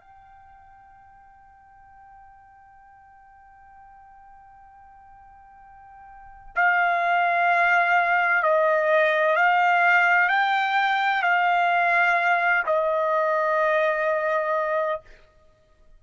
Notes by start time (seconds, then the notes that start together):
0.00 G5
6.55 F5
8.42 D#5
9.36 F5
10.29 G5
11.22 F5
12.66 D#5